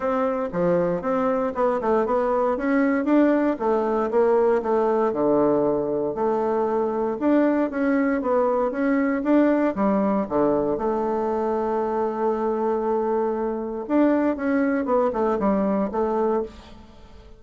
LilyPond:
\new Staff \with { instrumentName = "bassoon" } { \time 4/4 \tempo 4 = 117 c'4 f4 c'4 b8 a8 | b4 cis'4 d'4 a4 | ais4 a4 d2 | a2 d'4 cis'4 |
b4 cis'4 d'4 g4 | d4 a2.~ | a2. d'4 | cis'4 b8 a8 g4 a4 | }